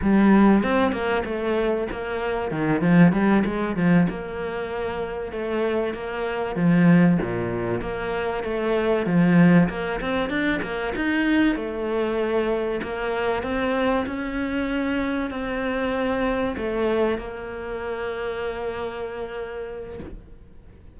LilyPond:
\new Staff \with { instrumentName = "cello" } { \time 4/4 \tempo 4 = 96 g4 c'8 ais8 a4 ais4 | dis8 f8 g8 gis8 f8 ais4.~ | ais8 a4 ais4 f4 ais,8~ | ais,8 ais4 a4 f4 ais8 |
c'8 d'8 ais8 dis'4 a4.~ | a8 ais4 c'4 cis'4.~ | cis'8 c'2 a4 ais8~ | ais1 | }